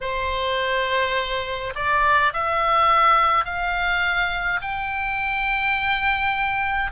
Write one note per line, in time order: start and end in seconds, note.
0.00 1.73 C5
1.75 2.32 D5
2.33 3.45 E5
3.45 4.60 F5
4.62 6.91 G5